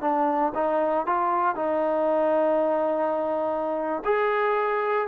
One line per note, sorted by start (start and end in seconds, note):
0.00 0.52 D4
0.54 1.06 D#4
1.06 1.55 F4
1.55 4.03 D#4
4.04 5.08 G#4